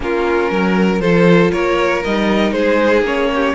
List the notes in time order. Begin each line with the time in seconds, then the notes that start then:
0.00 A#3 C#4 F4 A#4
0.51 F#3 A#4
1.00 F3 F4 A4 C5
1.51 A#3 A#4 C#5
2.04 G3 D#4 D#5
2.52 G#3 G#4 C5
3.01 A#3 C#4 C#5
3.34 G4